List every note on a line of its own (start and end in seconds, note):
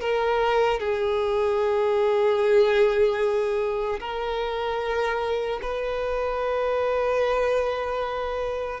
0.00 0.79 A#4
0.79 3.99 G#4
4.00 5.60 A#4
5.61 8.80 B4